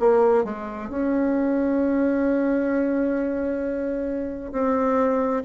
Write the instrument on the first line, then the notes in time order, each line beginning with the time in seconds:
bassoon
0.00 A#3
0.44 G#3
0.90 C#4
4.52 C4